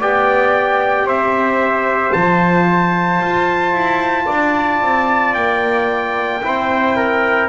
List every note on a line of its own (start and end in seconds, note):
0.00 1.05 B3
0.00 2.13 G4
0.00 1.06 D5
0.00 1.08 G5
1.05 2.12 C4
1.05 4.26 C5
1.05 2.13 E5
2.13 3.21 F3
2.13 6.42 F4
2.13 5.34 A5
3.21 3.73 F4
3.73 4.26 E4
4.26 4.82 D4
4.26 6.40 D5
4.82 5.35 C4
5.34 6.42 A#3
5.34 7.48 G5
6.43 7.49 C4
6.43 7.49 E4
6.43 6.97 C5
6.97 7.49 A#4